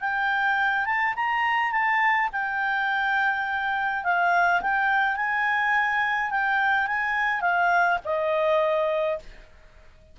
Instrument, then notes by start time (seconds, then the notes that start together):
clarinet
0.00 G5
0.85 A5
1.16 A#5
1.71 A5
2.32 G5
4.03 F5
4.61 G5
5.16 G#5
6.30 G5
6.86 G#5
7.41 F5
8.04 D#5